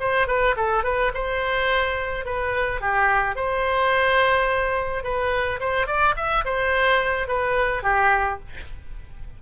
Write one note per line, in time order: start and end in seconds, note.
0.00 0.27 C5
0.27 0.55 B4
0.57 0.84 A4
0.84 1.12 B4
1.14 2.26 C5
2.26 2.81 B4
2.81 3.36 G4
3.36 5.03 C5
5.03 5.59 B4
5.60 5.87 C5
5.87 6.15 D5
6.16 6.44 E5
6.45 7.27 C5
7.27 7.83 B4
7.83 8.39 G4